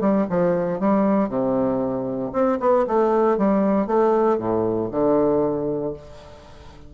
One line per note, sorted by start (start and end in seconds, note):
0.00 0.26 G3
0.29 0.79 F3
0.79 1.28 G3
1.28 2.31 C3
2.32 2.58 C4
2.60 2.85 B3
2.87 3.37 A3
3.37 3.86 G3
3.86 4.38 A3
4.38 4.89 A2
4.91 5.93 D3